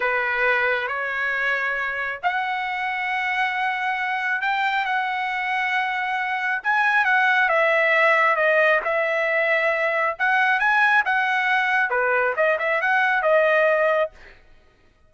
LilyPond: \new Staff \with { instrumentName = "trumpet" } { \time 4/4 \tempo 4 = 136 b'2 cis''2~ | cis''4 fis''2.~ | fis''2 g''4 fis''4~ | fis''2. gis''4 |
fis''4 e''2 dis''4 | e''2. fis''4 | gis''4 fis''2 b'4 | dis''8 e''8 fis''4 dis''2 | }